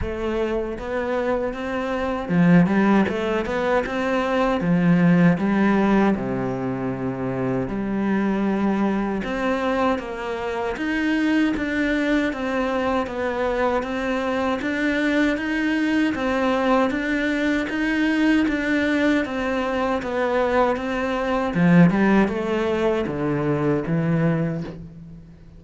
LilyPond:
\new Staff \with { instrumentName = "cello" } { \time 4/4 \tempo 4 = 78 a4 b4 c'4 f8 g8 | a8 b8 c'4 f4 g4 | c2 g2 | c'4 ais4 dis'4 d'4 |
c'4 b4 c'4 d'4 | dis'4 c'4 d'4 dis'4 | d'4 c'4 b4 c'4 | f8 g8 a4 d4 e4 | }